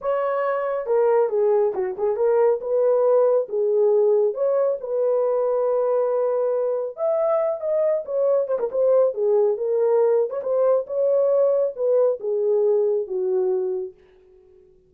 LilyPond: \new Staff \with { instrumentName = "horn" } { \time 4/4 \tempo 4 = 138 cis''2 ais'4 gis'4 | fis'8 gis'8 ais'4 b'2 | gis'2 cis''4 b'4~ | b'1 |
e''4. dis''4 cis''4 c''16 ais'16 | c''4 gis'4 ais'4.~ ais'16 cis''16 | c''4 cis''2 b'4 | gis'2 fis'2 | }